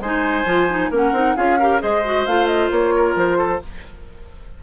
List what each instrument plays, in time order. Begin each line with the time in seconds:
0.00 bassoon G#3, clarinet D#4, oboe C5, flute G#5
0.45 bassoon F3, clarinet F4
0.69 clarinet D#4
0.91 bassoon A#3, clarinet C#4, oboe A#4, flute F#5
1.12 bassoon C4, clarinet D#4
1.36 bassoon C#4, clarinet F4, oboe G#4, flute F5
1.59 clarinet G4, oboe A#4
1.80 bassoon G#3, clarinet G#4, oboe C5, flute D#5
2.04 clarinet F#4
2.26 bassoon A3, clarinet F4, flute F5
2.47 flute D#5
2.71 bassoon A#3, flute C#5
2.96 oboe A#4
3.16 bassoon F3, flute C5
3.38 oboe A4